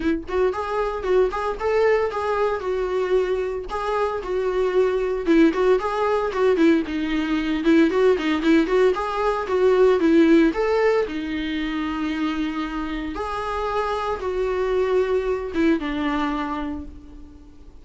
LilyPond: \new Staff \with { instrumentName = "viola" } { \time 4/4 \tempo 4 = 114 e'8 fis'8 gis'4 fis'8 gis'8 a'4 | gis'4 fis'2 gis'4 | fis'2 e'8 fis'8 gis'4 | fis'8 e'8 dis'4. e'8 fis'8 dis'8 |
e'8 fis'8 gis'4 fis'4 e'4 | a'4 dis'2.~ | dis'4 gis'2 fis'4~ | fis'4. e'8 d'2 | }